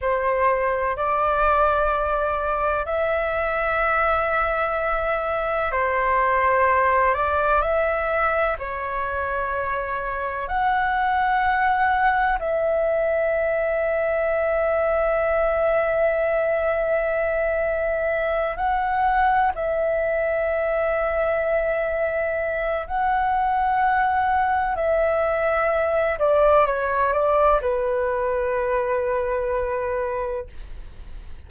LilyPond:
\new Staff \with { instrumentName = "flute" } { \time 4/4 \tempo 4 = 63 c''4 d''2 e''4~ | e''2 c''4. d''8 | e''4 cis''2 fis''4~ | fis''4 e''2.~ |
e''2.~ e''8 fis''8~ | fis''8 e''2.~ e''8 | fis''2 e''4. d''8 | cis''8 d''8 b'2. | }